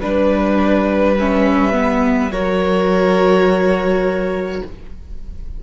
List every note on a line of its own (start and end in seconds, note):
0.00 2.31 G3
0.00 1.17 D4
0.00 1.15 B4
0.00 2.32 B4
1.19 1.73 C#4
1.19 2.33 E5
1.73 2.31 B3
2.31 4.62 F#3
2.31 4.64 F#4
2.31 4.63 A#4
2.31 4.63 C#5